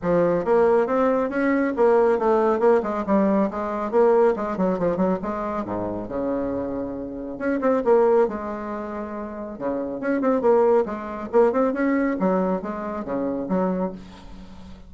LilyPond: \new Staff \with { instrumentName = "bassoon" } { \time 4/4 \tempo 4 = 138 f4 ais4 c'4 cis'4 | ais4 a4 ais8 gis8 g4 | gis4 ais4 gis8 fis8 f8 fis8 | gis4 gis,4 cis2~ |
cis4 cis'8 c'8 ais4 gis4~ | gis2 cis4 cis'8 c'8 | ais4 gis4 ais8 c'8 cis'4 | fis4 gis4 cis4 fis4 | }